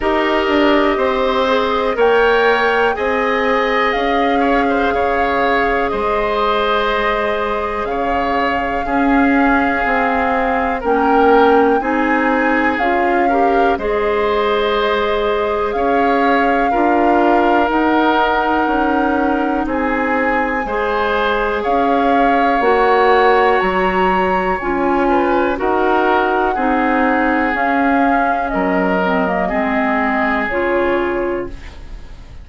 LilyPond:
<<
  \new Staff \with { instrumentName = "flute" } { \time 4/4 \tempo 4 = 61 dis''2 g''4 gis''4 | f''2 dis''2 | f''2. g''4 | gis''4 f''4 dis''2 |
f''2 fis''2 | gis''2 f''4 fis''4 | ais''4 gis''4 fis''2 | f''4 dis''2 cis''4 | }
  \new Staff \with { instrumentName = "oboe" } { \time 4/4 ais'4 c''4 cis''4 dis''4~ | dis''8 cis''16 c''16 cis''4 c''2 | cis''4 gis'2 ais'4 | gis'4. ais'8 c''2 |
cis''4 ais'2. | gis'4 c''4 cis''2~ | cis''4. b'8 ais'4 gis'4~ | gis'4 ais'4 gis'2 | }
  \new Staff \with { instrumentName = "clarinet" } { \time 4/4 g'4. gis'8 ais'4 gis'4~ | gis'1~ | gis'4 cis'4 c'4 cis'4 | dis'4 f'8 g'8 gis'2~ |
gis'4 f'4 dis'2~ | dis'4 gis'2 fis'4~ | fis'4 f'4 fis'4 dis'4 | cis'4. c'16 ais16 c'4 f'4 | }
  \new Staff \with { instrumentName = "bassoon" } { \time 4/4 dis'8 d'8 c'4 ais4 c'4 | cis'4 cis4 gis2 | cis4 cis'4 c'4 ais4 | c'4 cis'4 gis2 |
cis'4 d'4 dis'4 cis'4 | c'4 gis4 cis'4 ais4 | fis4 cis'4 dis'4 c'4 | cis'4 fis4 gis4 cis4 | }
>>